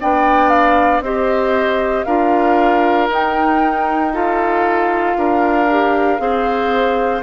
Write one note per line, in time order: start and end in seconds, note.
0.00 1.01 B3
0.00 1.03 D4
0.00 1.04 D5
0.00 0.49 G5
0.49 1.01 F5
1.01 2.04 C4
1.01 2.07 G4
1.01 2.06 C5
1.01 2.04 D#5
2.04 3.09 D4
2.04 3.10 F4
2.04 4.12 A#4
2.04 3.07 F5
3.09 5.16 D#4
3.09 4.13 D#4
3.09 4.14 G5
4.13 5.68 F4
4.13 5.17 A4
4.13 7.22 F5
5.16 6.19 D4
5.16 6.21 A#4
5.69 6.18 G4
6.18 7.22 C4
6.18 7.22 G#4
6.18 7.22 C5